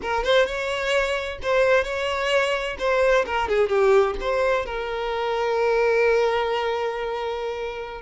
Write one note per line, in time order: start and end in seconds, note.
0.01 0.24 A#4
0.24 0.45 C5
0.45 1.38 C#5
1.42 1.84 C5
1.84 2.77 C#5
2.78 3.25 C5
3.26 3.48 A#4
3.48 3.68 G#4
3.68 4.15 G4
4.20 4.65 C5
4.65 8.01 A#4